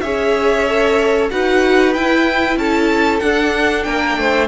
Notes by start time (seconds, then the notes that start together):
0.00 C#4 G#4 C#5 E5
0.67 A4
1.30 D#4 F#4 B4 F#5
1.93 E4 G5
2.56 C#4 A4 A5
3.20 D4 F#5
3.83 A#3 A#4 G5
4.17 A3 C5